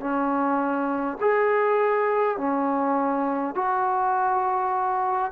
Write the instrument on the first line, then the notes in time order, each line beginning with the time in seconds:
trombone
0.00 C#4
1.21 G#4
2.38 C#4
3.55 F#4